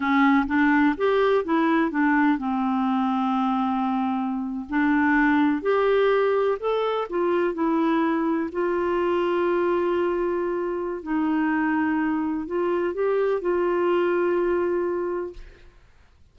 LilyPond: \new Staff \with { instrumentName = "clarinet" } { \time 4/4 \tempo 4 = 125 cis'4 d'4 g'4 e'4 | d'4 c'2.~ | c'4.~ c'16 d'2 g'16~ | g'4.~ g'16 a'4 f'4 e'16~ |
e'4.~ e'16 f'2~ f'16~ | f'2. dis'4~ | dis'2 f'4 g'4 | f'1 | }